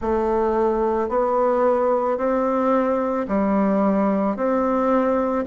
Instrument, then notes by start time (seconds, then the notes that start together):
bassoon
0.01 A3
1.09 B3
2.17 C4
3.28 G3
4.36 C4